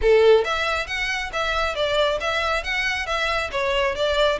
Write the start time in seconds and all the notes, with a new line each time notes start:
0.01 A4
0.44 E5
0.86 F#5
1.32 E5
1.75 D5
2.20 E5
2.63 F#5
3.06 E5
3.51 C#5
3.95 D5